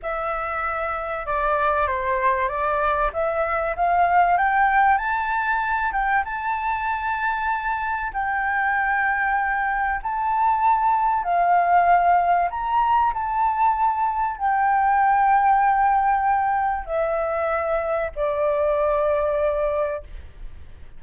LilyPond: \new Staff \with { instrumentName = "flute" } { \time 4/4 \tempo 4 = 96 e''2 d''4 c''4 | d''4 e''4 f''4 g''4 | a''4. g''8 a''2~ | a''4 g''2. |
a''2 f''2 | ais''4 a''2 g''4~ | g''2. e''4~ | e''4 d''2. | }